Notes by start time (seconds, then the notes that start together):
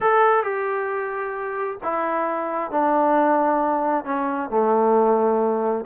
0.00 A4
0.43 G4
1.83 E4
2.71 D4
4.05 C#4
4.50 A3